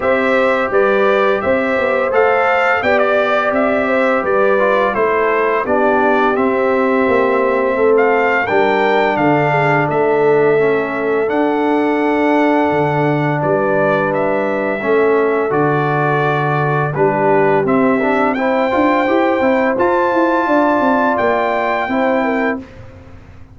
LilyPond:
<<
  \new Staff \with { instrumentName = "trumpet" } { \time 4/4 \tempo 4 = 85 e''4 d''4 e''4 f''4 | g''16 d''8. e''4 d''4 c''4 | d''4 e''2~ e''16 f''8. | g''4 f''4 e''2 |
fis''2. d''4 | e''2 d''2 | b'4 e''4 g''2 | a''2 g''2 | }
  \new Staff \with { instrumentName = "horn" } { \time 4/4 c''4 b'4 c''2 | d''4. c''8 b'4 a'4 | g'2. a'4 | ais'4 a'8 gis'8 a'2~ |
a'2. b'4~ | b'4 a'2. | g'2 c''2~ | c''4 d''2 c''8 ais'8 | }
  \new Staff \with { instrumentName = "trombone" } { \time 4/4 g'2. a'4 | g'2~ g'8 f'8 e'4 | d'4 c'2. | d'2. cis'4 |
d'1~ | d'4 cis'4 fis'2 | d'4 c'8 d'8 e'8 f'8 g'8 e'8 | f'2. e'4 | }
  \new Staff \with { instrumentName = "tuba" } { \time 4/4 c'4 g4 c'8 b8 a4 | b4 c'4 g4 a4 | b4 c'4 ais4 a4 | g4 d4 a2 |
d'2 d4 g4~ | g4 a4 d2 | g4 c'4. d'8 e'8 c'8 | f'8 e'8 d'8 c'8 ais4 c'4 | }
>>